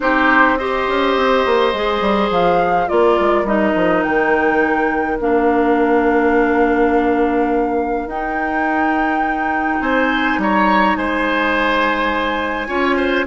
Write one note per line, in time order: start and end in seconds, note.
0.00 0.87 C4
0.00 0.58 D#4
0.00 0.58 G4
0.00 0.57 C5
0.57 1.74 G4
0.57 2.88 C5
0.57 2.30 D#5
0.87 1.16 C#4
1.16 1.44 C4
1.45 1.73 A#3
1.73 2.00 G#3
1.73 2.87 G#4
2.00 2.29 G3
2.30 2.87 F3
2.30 2.88 F5
2.87 3.19 A#3
2.87 3.45 F4
2.87 9.80 A#4
2.87 3.46 D5
3.19 3.43 G#3
3.43 3.72 G3
3.43 5.19 D#4
3.43 4.02 D#5
3.75 4.04 F3
4.02 5.19 D#3
4.02 5.18 G5
5.19 8.06 A#3
5.19 8.08 D4
5.19 8.09 F5
8.06 9.79 D#4
8.06 12.67 D#4
8.06 9.81 G5
9.80 10.37 C4
9.80 10.39 C5
9.80 10.39 G#5
10.37 10.95 G3
10.37 10.97 C#5
10.37 10.96 A#5
10.96 12.68 G#3
10.96 12.67 C5
10.96 13.27 G#5
12.67 13.26 C#4
12.67 13.25 F4
12.67 12.96 C#5
12.96 13.25 C5